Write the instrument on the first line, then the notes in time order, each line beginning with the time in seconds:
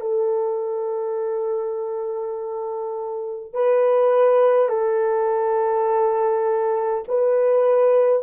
horn
0.00 A4
3.53 B4
4.68 A4
7.08 B4